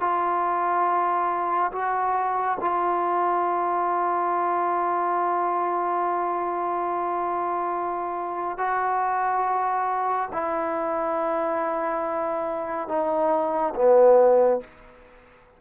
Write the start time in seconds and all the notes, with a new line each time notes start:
0.00 F4
1.72 F#4
2.61 F4
8.58 F#4
10.33 E4
12.88 D#4
13.75 B3